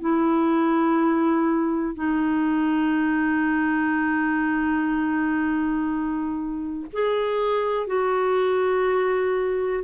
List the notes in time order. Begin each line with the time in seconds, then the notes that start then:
0.00 E4
1.95 D#4
6.93 G#4
7.87 F#4